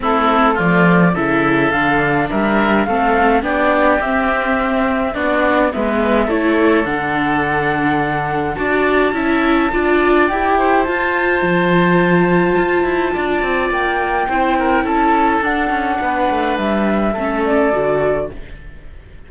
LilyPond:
<<
  \new Staff \with { instrumentName = "flute" } { \time 4/4 \tempo 4 = 105 a'4 d''4 e''4 f''4 | e''4 f''4 d''4 e''4~ | e''4 d''4 e''4 cis''4 | fis''2. a''4~ |
a''2 g''4 a''4~ | a''1 | g''2 a''4 fis''4~ | fis''4 e''4. d''4. | }
  \new Staff \with { instrumentName = "oboe" } { \time 4/4 e'4 f'4 a'2 | ais'4 a'4 g'2~ | g'4 fis'4 b'4 a'4~ | a'2. d''4 |
e''4 d''4. c''4.~ | c''2. d''4~ | d''4 c''8 ais'8 a'2 | b'2 a'2 | }
  \new Staff \with { instrumentName = "viola" } { \time 4/4 c'4 a4 e'4 d'4~ | d'4 c'4 d'4 c'4~ | c'4 d'4 b4 e'4 | d'2. fis'4 |
e'4 f'4 g'4 f'4~ | f'1~ | f'4 e'2 d'4~ | d'2 cis'4 fis'4 | }
  \new Staff \with { instrumentName = "cello" } { \time 4/4 a4 f4 cis4 d4 | g4 a4 b4 c'4~ | c'4 b4 gis4 a4 | d2. d'4 |
cis'4 d'4 e'4 f'4 | f2 f'8 e'8 d'8 c'8 | ais4 c'4 cis'4 d'8 cis'8 | b8 a8 g4 a4 d4 | }
>>